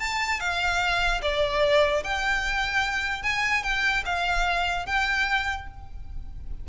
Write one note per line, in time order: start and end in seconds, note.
0.00 0.40 A5
0.40 1.21 F5
1.22 2.03 D5
2.04 3.23 G5
3.23 3.63 G#5
3.63 4.04 G5
4.05 4.86 F5
4.86 5.67 G5